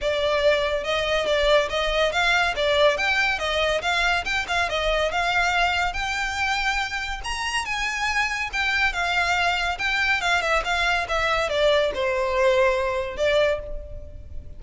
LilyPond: \new Staff \with { instrumentName = "violin" } { \time 4/4 \tempo 4 = 141 d''2 dis''4 d''4 | dis''4 f''4 d''4 g''4 | dis''4 f''4 g''8 f''8 dis''4 | f''2 g''2~ |
g''4 ais''4 gis''2 | g''4 f''2 g''4 | f''8 e''8 f''4 e''4 d''4 | c''2. d''4 | }